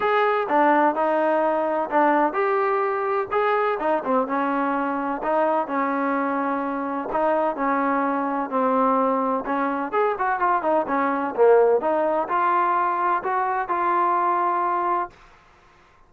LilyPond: \new Staff \with { instrumentName = "trombone" } { \time 4/4 \tempo 4 = 127 gis'4 d'4 dis'2 | d'4 g'2 gis'4 | dis'8 c'8 cis'2 dis'4 | cis'2. dis'4 |
cis'2 c'2 | cis'4 gis'8 fis'8 f'8 dis'8 cis'4 | ais4 dis'4 f'2 | fis'4 f'2. | }